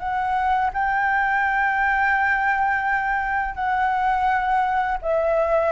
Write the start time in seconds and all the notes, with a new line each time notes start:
0.00 F#5
0.74 G5
3.56 F#5
5.02 E5